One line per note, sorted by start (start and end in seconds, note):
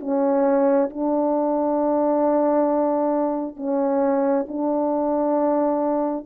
0.00 0.90 C#4
0.90 3.56 D4
3.56 4.46 C#4
4.48 6.26 D4